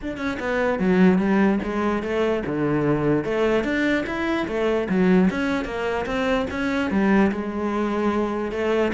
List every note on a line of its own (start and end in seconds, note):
0.01 0.17 D4
0.17 0.37 C#4
0.39 0.79 B3
0.79 1.18 F#3
1.18 1.59 G3
1.63 2.03 G#3
2.03 2.43 A3
2.45 3.24 D3
3.24 3.64 A3
3.64 4.04 D4
4.06 4.46 E4
4.47 4.88 A3
4.89 5.29 F#3
5.30 5.65 C#4
5.65 6.05 A#3
6.06 6.46 C4
6.50 6.90 C#4
6.90 7.31 G3
7.31 8.51 G#3
8.51 8.92 A3